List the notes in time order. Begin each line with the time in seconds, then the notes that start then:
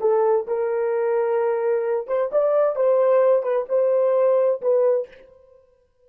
0.00 A4
0.47 A#4
2.07 C5
2.32 D5
2.75 C5
3.42 B4
3.69 C5
4.61 B4